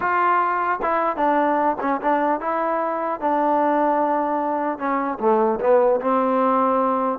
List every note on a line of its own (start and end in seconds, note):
0.00 0.79 F4
0.82 1.16 E4
1.16 1.76 D4
1.80 2.00 C#4
2.01 2.40 D4
2.40 3.20 E4
3.20 4.78 D4
4.78 5.18 C#4
5.19 5.59 A3
5.60 6.00 B3
6.00 7.18 C4